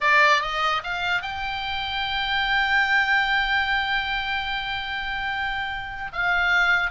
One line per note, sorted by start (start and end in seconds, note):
0.01 0.41 D5
0.41 0.82 D#5
0.83 1.22 F5
1.22 6.11 G5
6.12 6.90 F5